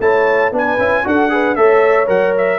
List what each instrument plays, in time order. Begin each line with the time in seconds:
0.00 tuba A3, trombone E4, horn C#5, trumpet A5
0.52 tuba B3, trombone D4, horn B4, trumpet G#5
0.78 tuba C#4, trombone E4
1.05 tuba D4, trombone F#4, horn A4, trumpet F#5
1.30 trombone G#4, horn B4
1.56 tuba A3, trombone A4, horn C#5, trumpet E5
2.07 tuba F#3, trombone A#4, trumpet F#5
2.38 trumpet E5